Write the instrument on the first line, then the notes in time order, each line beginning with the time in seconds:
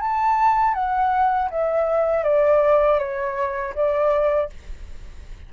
flute
0.00 A5
0.74 F#5
1.50 E5
2.23 D5
2.99 C#5
3.74 D5